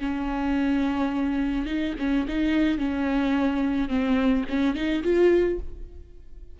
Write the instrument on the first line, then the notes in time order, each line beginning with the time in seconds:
viola
0.00 C#4
1.66 D#4
1.99 C#4
2.28 D#4
2.79 C#4
3.89 C4
4.50 C#4
4.76 D#4
5.04 F4